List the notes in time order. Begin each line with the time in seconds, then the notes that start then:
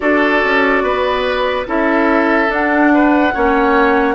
0.00 D4 F#4 A4 D5
0.44 C#4
0.82 B3 B4
1.66 C#4 E4 A4 E5
2.47 D4 F#5
2.93 B4
3.34 A#3 C#4 C#5